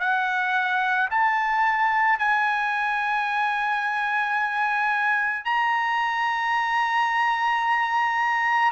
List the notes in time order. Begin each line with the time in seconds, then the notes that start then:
0.00 F#5
1.11 A5
2.19 G#5
5.45 A#5